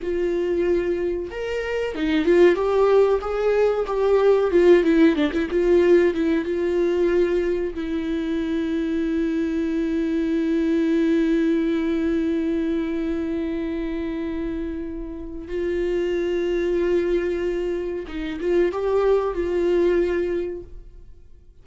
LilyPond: \new Staff \with { instrumentName = "viola" } { \time 4/4 \tempo 4 = 93 f'2 ais'4 dis'8 f'8 | g'4 gis'4 g'4 f'8 e'8 | d'16 e'16 f'4 e'8 f'2 | e'1~ |
e'1~ | e'1 | f'1 | dis'8 f'8 g'4 f'2 | }